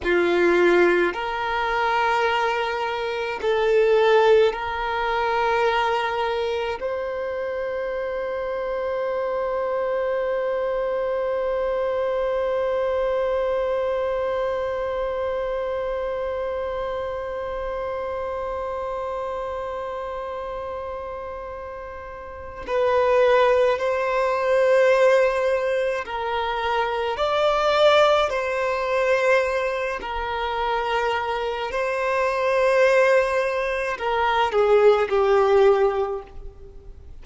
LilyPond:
\new Staff \with { instrumentName = "violin" } { \time 4/4 \tempo 4 = 53 f'4 ais'2 a'4 | ais'2 c''2~ | c''1~ | c''1~ |
c''1 | b'4 c''2 ais'4 | d''4 c''4. ais'4. | c''2 ais'8 gis'8 g'4 | }